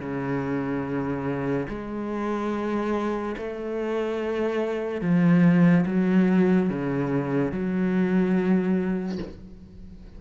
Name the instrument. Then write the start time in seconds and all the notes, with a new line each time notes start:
cello
0.00 C#3
1.69 G#3
3.37 A3
5.01 F3
5.86 F#3
6.70 C#3
7.52 F#3